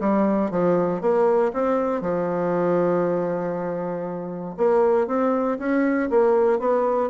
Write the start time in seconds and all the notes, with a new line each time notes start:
0.00 G3
0.51 F3
1.01 A#3
1.53 C4
2.01 F3
4.57 A#3
5.07 C4
5.59 C#4
6.10 A#3
6.59 B3